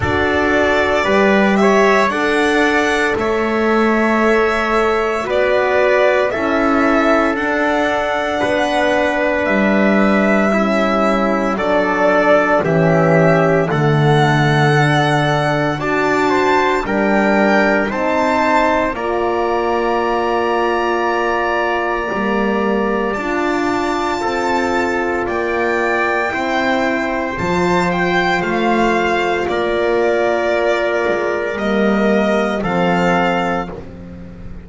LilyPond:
<<
  \new Staff \with { instrumentName = "violin" } { \time 4/4 \tempo 4 = 57 d''4. e''8 fis''4 e''4~ | e''4 d''4 e''4 fis''4~ | fis''4 e''2 d''4 | e''4 fis''2 a''4 |
g''4 a''4 ais''2~ | ais''2 a''2 | g''2 a''8 g''8 f''4 | d''2 dis''4 f''4 | }
  \new Staff \with { instrumentName = "trumpet" } { \time 4/4 a'4 b'8 cis''8 d''4 cis''4~ | cis''4 b'4 a'2 | b'2 e'4 a'4 | g'4 a'2 d''8 c''8 |
ais'4 c''4 d''2~ | d''2. a'4 | d''4 c''2. | ais'2. a'4 | }
  \new Staff \with { instrumentName = "horn" } { \time 4/4 fis'4 g'4 a'2~ | a'4 fis'4 e'4 d'4~ | d'2 cis'4 d'4 | cis'4 a4 d'4 fis'4 |
d'4 dis'4 f'2~ | f'4 ais4 f'2~ | f'4 e'4 f'2~ | f'2 ais4 c'4 | }
  \new Staff \with { instrumentName = "double bass" } { \time 4/4 d'4 g4 d'4 a4~ | a4 b4 cis'4 d'4 | b4 g2 fis4 | e4 d2 d'4 |
g4 c'4 ais2~ | ais4 g4 d'4 c'4 | ais4 c'4 f4 a4 | ais4. gis8 g4 f4 | }
>>